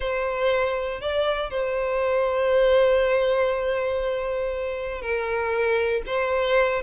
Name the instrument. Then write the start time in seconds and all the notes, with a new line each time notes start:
violin
0.00 C5
1.00 D5
1.50 C5
5.01 A#4
6.06 C5